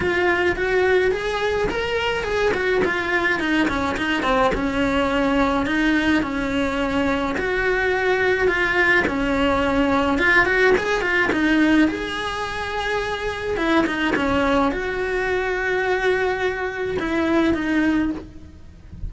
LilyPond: \new Staff \with { instrumentName = "cello" } { \time 4/4 \tempo 4 = 106 f'4 fis'4 gis'4 ais'4 | gis'8 fis'8 f'4 dis'8 cis'8 dis'8 c'8 | cis'2 dis'4 cis'4~ | cis'4 fis'2 f'4 |
cis'2 f'8 fis'8 gis'8 f'8 | dis'4 gis'2. | e'8 dis'8 cis'4 fis'2~ | fis'2 e'4 dis'4 | }